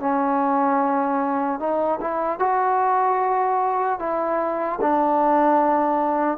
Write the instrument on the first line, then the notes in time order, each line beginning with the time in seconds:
trombone
0.00 C#4
1.60 D#4
2.01 E4
2.40 F#4
3.99 E4
4.81 D4